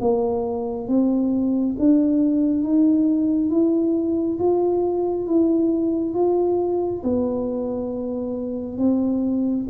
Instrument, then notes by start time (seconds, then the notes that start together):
tuba
0.00 A#3
0.88 C4
1.79 D4
2.63 D#4
3.50 E4
4.39 F4
5.27 E4
6.14 F4
7.03 B3
8.78 C4